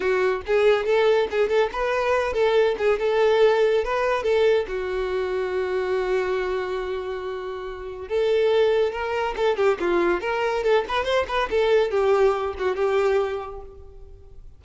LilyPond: \new Staff \with { instrumentName = "violin" } { \time 4/4 \tempo 4 = 141 fis'4 gis'4 a'4 gis'8 a'8 | b'4. a'4 gis'8 a'4~ | a'4 b'4 a'4 fis'4~ | fis'1~ |
fis'2. a'4~ | a'4 ais'4 a'8 g'8 f'4 | ais'4 a'8 b'8 c''8 b'8 a'4 | g'4. fis'8 g'2 | }